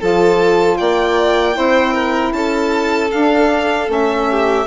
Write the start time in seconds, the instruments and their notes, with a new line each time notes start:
0.00 bassoon F3, saxophone F4, violin A4 A5
0.78 bassoon A#3, violin D5 G5
1.53 bassoon C4, saxophone E4, violin C5
1.94 violin A#4
2.33 bassoon C#4, violin A4 A5
3.12 saxophone D4, bassoon D4, violin F5
3.87 bassoon A3, saxophone C#4, violin E5
4.31 violin G4